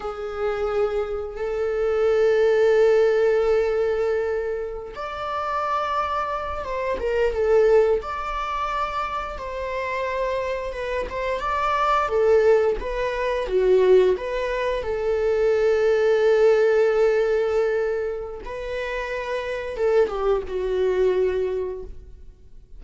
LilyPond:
\new Staff \with { instrumentName = "viola" } { \time 4/4 \tempo 4 = 88 gis'2 a'2~ | a'2.~ a'16 d''8.~ | d''4.~ d''16 c''8 ais'8 a'4 d''16~ | d''4.~ d''16 c''2 b'16~ |
b'16 c''8 d''4 a'4 b'4 fis'16~ | fis'8. b'4 a'2~ a'16~ | a'2. b'4~ | b'4 a'8 g'8 fis'2 | }